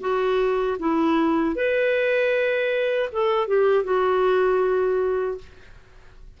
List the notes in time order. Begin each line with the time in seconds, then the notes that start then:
0.00 F#4
0.79 E4
1.55 B4
3.12 A4
3.47 G4
3.84 F#4